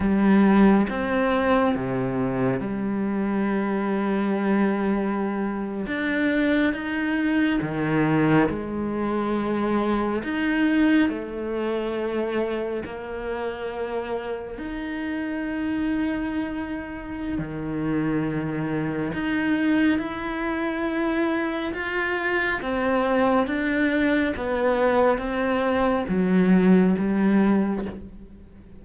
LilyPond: \new Staff \with { instrumentName = "cello" } { \time 4/4 \tempo 4 = 69 g4 c'4 c4 g4~ | g2~ g8. d'4 dis'16~ | dis'8. dis4 gis2 dis'16~ | dis'8. a2 ais4~ ais16~ |
ais8. dis'2.~ dis'16 | dis2 dis'4 e'4~ | e'4 f'4 c'4 d'4 | b4 c'4 fis4 g4 | }